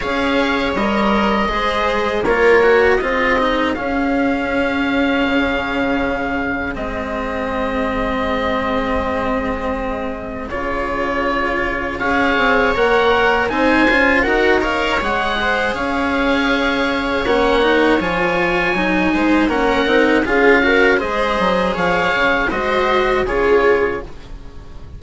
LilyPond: <<
  \new Staff \with { instrumentName = "oboe" } { \time 4/4 \tempo 4 = 80 f''4 dis''2 cis''4 | dis''4 f''2.~ | f''4 dis''2.~ | dis''2 cis''2 |
f''4 fis''4 gis''4 fis''8 f''8 | fis''4 f''2 fis''4 | gis''2 fis''4 f''4 | dis''4 f''4 dis''4 cis''4 | }
  \new Staff \with { instrumentName = "viola" } { \time 4/4 cis''2 c''4 ais'4 | gis'1~ | gis'1~ | gis'1 |
cis''2 c''4 ais'8 cis''8~ | cis''8 c''8 cis''2.~ | cis''4. c''8 ais'4 gis'8 ais'8 | c''4 cis''4 c''4 gis'4 | }
  \new Staff \with { instrumentName = "cello" } { \time 4/4 gis'4 ais'4 gis'4 f'8 fis'8 | f'8 dis'8 cis'2.~ | cis'4 c'2.~ | c'2 f'2 |
gis'4 ais'4 dis'8 f'8 fis'8 ais'8 | gis'2. cis'8 dis'8 | f'4 dis'4 cis'8 dis'8 f'8 fis'8 | gis'2 fis'4 f'4 | }
  \new Staff \with { instrumentName = "bassoon" } { \time 4/4 cis'4 g4 gis4 ais4 | c'4 cis'2 cis4~ | cis4 gis2.~ | gis2 cis2 |
cis'8 c'8 ais4 c'8 cis'8 dis'4 | gis4 cis'2 ais4 | f4 fis8 gis8 ais8 c'8 cis'4 | gis8 fis8 f8 cis8 gis4 cis4 | }
>>